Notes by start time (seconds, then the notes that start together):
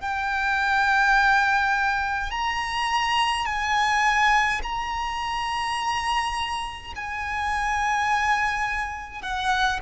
0.00 G5
2.30 A#5
3.45 G#5
4.63 A#5
6.95 G#5
9.22 F#5